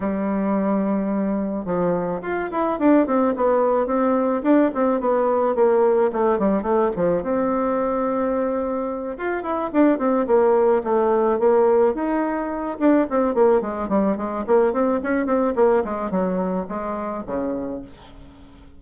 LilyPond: \new Staff \with { instrumentName = "bassoon" } { \time 4/4 \tempo 4 = 108 g2. f4 | f'8 e'8 d'8 c'8 b4 c'4 | d'8 c'8 b4 ais4 a8 g8 | a8 f8 c'2.~ |
c'8 f'8 e'8 d'8 c'8 ais4 a8~ | a8 ais4 dis'4. d'8 c'8 | ais8 gis8 g8 gis8 ais8 c'8 cis'8 c'8 | ais8 gis8 fis4 gis4 cis4 | }